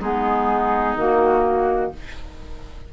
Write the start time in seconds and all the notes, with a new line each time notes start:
0.00 G#3 B3 D#4 G#4
0.96 D#3 A#3 F#4